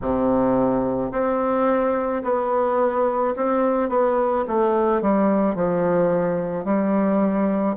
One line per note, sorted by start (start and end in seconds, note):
0.02 1.11 C3
1.11 2.22 C4
2.23 3.34 B3
3.35 3.89 C4
3.89 4.44 B3
4.47 5.02 A3
5.02 5.55 G3
5.55 6.65 F3
6.65 7.76 G3